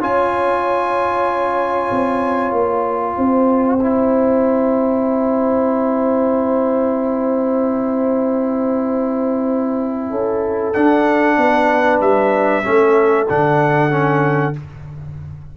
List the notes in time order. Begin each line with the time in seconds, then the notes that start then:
0.00 C#4 F4 C#5 G#5
1.90 C4
2.51 A#3 G5
3.16 C4 C5
3.80 E4
10.10 C#4 A4
10.73 D4 F#5
11.37 B3 B4
12.00 G3 E5
12.63 A3 C#4 A4
13.29 D3 D4 F#5
13.90 C#4